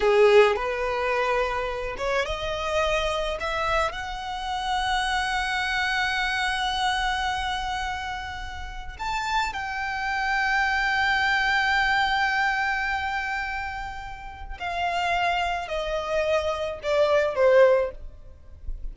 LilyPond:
\new Staff \with { instrumentName = "violin" } { \time 4/4 \tempo 4 = 107 gis'4 b'2~ b'8 cis''8 | dis''2 e''4 fis''4~ | fis''1~ | fis''1 |
a''4 g''2.~ | g''1~ | g''2 f''2 | dis''2 d''4 c''4 | }